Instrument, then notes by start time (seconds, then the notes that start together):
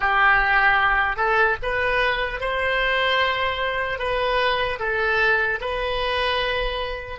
oboe
0.00 G4
1.16 A4
1.62 B4
2.40 C5
3.99 B4
4.79 A4
5.60 B4